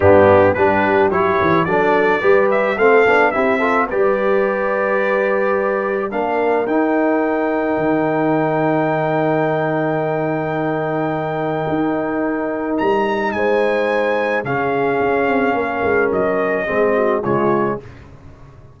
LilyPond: <<
  \new Staff \with { instrumentName = "trumpet" } { \time 4/4 \tempo 4 = 108 g'4 b'4 cis''4 d''4~ | d''8 e''8 f''4 e''4 d''4~ | d''2. f''4 | g''1~ |
g''1~ | g''2. ais''4 | gis''2 f''2~ | f''4 dis''2 cis''4 | }
  \new Staff \with { instrumentName = "horn" } { \time 4/4 d'4 g'2 a'4 | b'4 a'4 g'8 a'8 b'4~ | b'2. ais'4~ | ais'1~ |
ais'1~ | ais'1 | c''2 gis'2 | ais'2 gis'8 fis'8 f'4 | }
  \new Staff \with { instrumentName = "trombone" } { \time 4/4 b4 d'4 e'4 d'4 | g'4 c'8 d'8 e'8 f'8 g'4~ | g'2. d'4 | dis'1~ |
dis'1~ | dis'1~ | dis'2 cis'2~ | cis'2 c'4 gis4 | }
  \new Staff \with { instrumentName = "tuba" } { \time 4/4 g,4 g4 fis8 e8 fis4 | g4 a8 b8 c'4 g4~ | g2. ais4 | dis'2 dis2~ |
dis1~ | dis4 dis'2 g4 | gis2 cis4 cis'8 c'8 | ais8 gis8 fis4 gis4 cis4 | }
>>